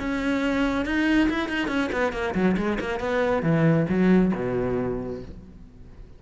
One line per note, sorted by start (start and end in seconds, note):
0.00 0.86 C#4
0.86 1.29 D#4
1.30 1.49 E4
1.49 1.68 D#4
1.68 1.90 C#4
1.92 2.13 B3
2.13 2.35 A#3
2.35 2.57 F#3
2.58 2.79 G#3
2.81 3.00 A#3
3.00 3.43 B3
3.43 3.87 E3
3.89 4.33 F#3
4.36 5.23 B2